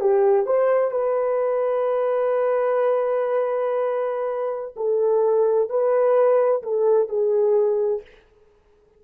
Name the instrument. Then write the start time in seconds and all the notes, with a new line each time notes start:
horn
0.00 G4
0.46 C5
0.91 B4
4.76 A4
5.69 B4
6.63 A4
7.09 G#4